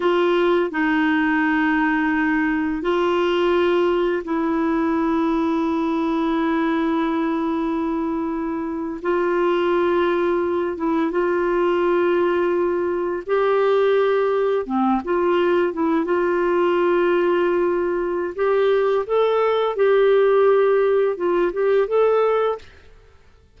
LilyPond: \new Staff \with { instrumentName = "clarinet" } { \time 4/4 \tempo 4 = 85 f'4 dis'2. | f'2 e'2~ | e'1~ | e'8. f'2~ f'8 e'8 f'16~ |
f'2~ f'8. g'4~ g'16~ | g'8. c'8 f'4 e'8 f'4~ f'16~ | f'2 g'4 a'4 | g'2 f'8 g'8 a'4 | }